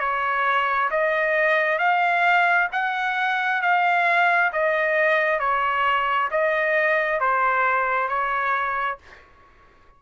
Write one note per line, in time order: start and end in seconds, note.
0.00 0.90 C#5
0.91 1.79 D#5
1.79 2.68 F5
2.72 3.62 F#5
3.62 4.51 F5
4.53 5.40 D#5
5.40 6.29 C#5
6.31 7.20 D#5
7.20 8.09 C5
8.09 8.98 C#5